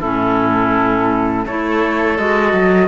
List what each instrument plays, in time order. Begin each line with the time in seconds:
0.00 cello A2, clarinet C#4, oboe E4, flute A4
1.46 cello A3, clarinet E4, oboe A4, flute C#5
2.18 cello G#3, clarinet F#4, flute D#5
2.53 cello F#3